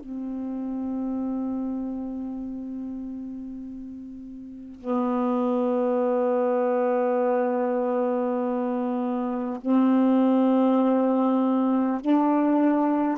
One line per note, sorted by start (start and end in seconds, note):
0.00 4.80 C4
4.80 9.60 B3
9.61 12.01 C4
12.01 13.17 D4